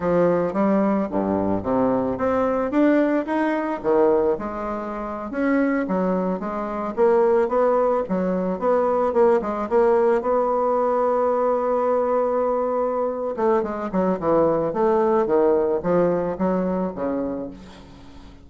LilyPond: \new Staff \with { instrumentName = "bassoon" } { \time 4/4 \tempo 4 = 110 f4 g4 g,4 c4 | c'4 d'4 dis'4 dis4 | gis4.~ gis16 cis'4 fis4 gis16~ | gis8. ais4 b4 fis4 b16~ |
b8. ais8 gis8 ais4 b4~ b16~ | b1~ | b8 a8 gis8 fis8 e4 a4 | dis4 f4 fis4 cis4 | }